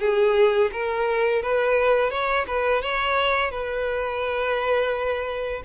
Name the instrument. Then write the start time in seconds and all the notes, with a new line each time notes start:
violin
0.00 G#4
0.73 A#4
1.42 B4
2.10 C#5
2.47 B4
2.82 C#5
3.51 B4